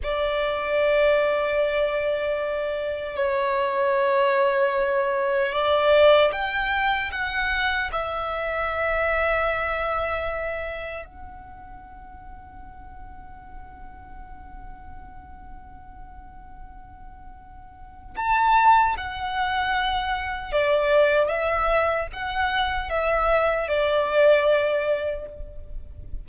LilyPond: \new Staff \with { instrumentName = "violin" } { \time 4/4 \tempo 4 = 76 d''1 | cis''2. d''4 | g''4 fis''4 e''2~ | e''2 fis''2~ |
fis''1~ | fis''2. a''4 | fis''2 d''4 e''4 | fis''4 e''4 d''2 | }